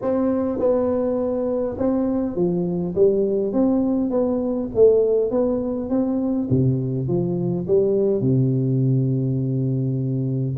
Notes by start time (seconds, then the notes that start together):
0.01 C4
0.59 B3
1.78 C4
2.35 F3
2.95 G3
3.52 C4
4.10 B3
4.75 A3
5.30 B3
5.89 C4
6.49 C3
7.07 F3
7.67 G3
8.21 C3